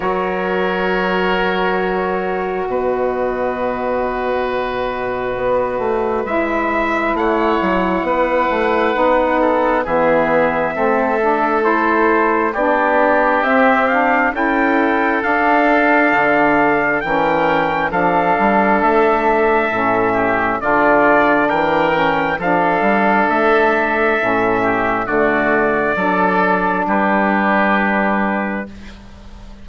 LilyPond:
<<
  \new Staff \with { instrumentName = "trumpet" } { \time 4/4 \tempo 4 = 67 cis''2. dis''4~ | dis''2. e''4 | fis''2. e''4~ | e''4 c''4 d''4 e''8 f''8 |
g''4 f''2 g''4 | f''4 e''2 d''4 | g''4 f''4 e''2 | d''2 b'2 | }
  \new Staff \with { instrumentName = "oboe" } { \time 4/4 ais'2. b'4~ | b'1 | cis''4 b'4. a'8 gis'4 | a'2 g'2 |
a'2. ais'4 | a'2~ a'8 g'8 f'4 | ais'4 a'2~ a'8 g'8 | fis'4 a'4 g'2 | }
  \new Staff \with { instrumentName = "saxophone" } { \time 4/4 fis'1~ | fis'2. e'4~ | e'2 dis'4 b4 | c'8 d'8 e'4 d'4 c'8 d'8 |
e'4 d'2 cis'4 | d'2 cis'4 d'4~ | d'8 cis'8 d'2 cis'4 | a4 d'2. | }
  \new Staff \with { instrumentName = "bassoon" } { \time 4/4 fis2. b,4~ | b,2 b8 a8 gis4 | a8 fis8 b8 a8 b4 e4 | a2 b4 c'4 |
cis'4 d'4 d4 e4 | f8 g8 a4 a,4 d4 | e4 f8 g8 a4 a,4 | d4 fis4 g2 | }
>>